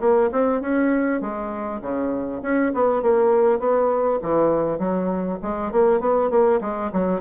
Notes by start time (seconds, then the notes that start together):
0.00 A#3
0.31 C4
0.61 C#4
1.21 G#3
1.81 C#3
2.42 C#4
2.74 B3
3.02 A#3
3.59 B3
4.22 E3
4.78 F#3
5.42 G#3
5.72 A#3
6.00 B3
6.30 A#3
6.61 G#3
6.92 F#3